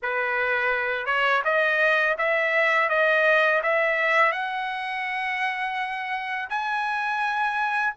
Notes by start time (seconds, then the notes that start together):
0.02 B4
1.06 C#5
1.44 D#5
2.18 E5
2.89 D#5
3.62 E5
4.31 F#5
6.49 G#5